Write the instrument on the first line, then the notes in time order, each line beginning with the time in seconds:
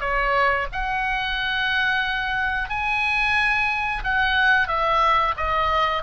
oboe
0.00 C#5
0.72 F#5
2.69 G#5
4.03 F#5
4.68 E5
5.37 D#5